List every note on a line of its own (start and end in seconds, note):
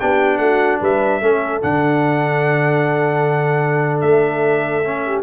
0.00 0.39 B3
0.00 1.22 D4
0.00 0.41 G4
0.00 0.38 G5
0.38 0.79 A3
0.38 0.81 F#4
0.38 0.79 F#5
0.81 1.21 G3
0.81 1.21 B4
0.81 1.62 E5
1.21 1.62 A3
1.21 1.62 C#4
1.21 5.05 A4
1.62 4.03 D3
1.62 4.84 D4
1.62 4.01 F#5
4.01 5.23 A3
4.01 5.22 E5
4.84 5.23 C#4
5.06 5.23 G4